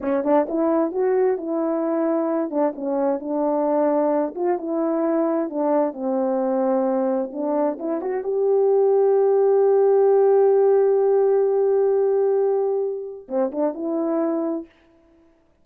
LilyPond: \new Staff \with { instrumentName = "horn" } { \time 4/4 \tempo 4 = 131 cis'8 d'8 e'4 fis'4 e'4~ | e'4. d'8 cis'4 d'4~ | d'4. f'8 e'2 | d'4 c'2. |
d'4 e'8 fis'8 g'2~ | g'1~ | g'1~ | g'4 c'8 d'8 e'2 | }